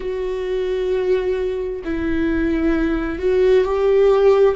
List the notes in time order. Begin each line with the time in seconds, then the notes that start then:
0.00 F#4
1.84 E4
3.19 F#4
3.64 G4